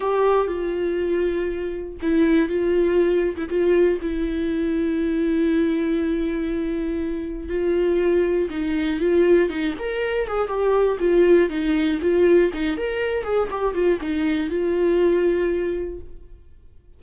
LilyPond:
\new Staff \with { instrumentName = "viola" } { \time 4/4 \tempo 4 = 120 g'4 f'2. | e'4 f'4.~ f'16 e'16 f'4 | e'1~ | e'2. f'4~ |
f'4 dis'4 f'4 dis'8 ais'8~ | ais'8 gis'8 g'4 f'4 dis'4 | f'4 dis'8 ais'4 gis'8 g'8 f'8 | dis'4 f'2. | }